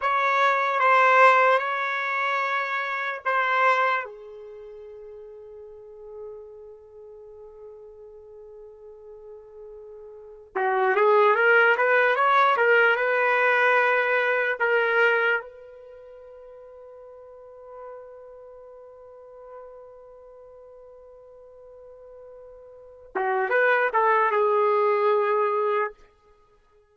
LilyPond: \new Staff \with { instrumentName = "trumpet" } { \time 4/4 \tempo 4 = 74 cis''4 c''4 cis''2 | c''4 gis'2.~ | gis'1~ | gis'4 fis'8 gis'8 ais'8 b'8 cis''8 ais'8 |
b'2 ais'4 b'4~ | b'1~ | b'1~ | b'8 fis'8 b'8 a'8 gis'2 | }